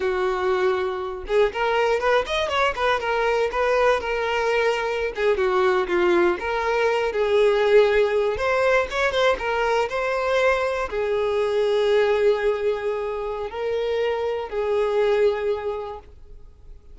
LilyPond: \new Staff \with { instrumentName = "violin" } { \time 4/4 \tempo 4 = 120 fis'2~ fis'8 gis'8 ais'4 | b'8 dis''8 cis''8 b'8 ais'4 b'4 | ais'2~ ais'16 gis'8 fis'4 f'16~ | f'8. ais'4. gis'4.~ gis'16~ |
gis'8. c''4 cis''8 c''8 ais'4 c''16~ | c''4.~ c''16 gis'2~ gis'16~ | gis'2. ais'4~ | ais'4 gis'2. | }